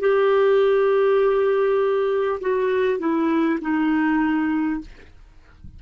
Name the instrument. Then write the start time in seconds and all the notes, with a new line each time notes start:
clarinet
0.00 G4
2.41 F#4
2.99 E4
3.62 D#4